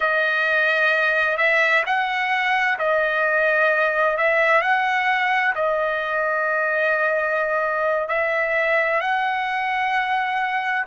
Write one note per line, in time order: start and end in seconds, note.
0.00 1.37 D#5
1.37 1.83 E5
1.86 2.78 F#5
2.79 4.17 D#5
4.17 4.61 E5
4.61 5.53 F#5
5.55 8.08 D#5
8.08 9.00 E5
9.00 10.85 F#5